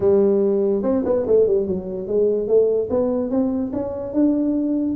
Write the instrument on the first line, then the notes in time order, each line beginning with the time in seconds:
tuba
0.00 G3
0.83 C4
1.05 B3
1.26 A3
1.46 G3
1.66 F#3
2.07 G#3
2.47 A3
2.89 B3
3.30 C4
3.73 C#4
4.13 D4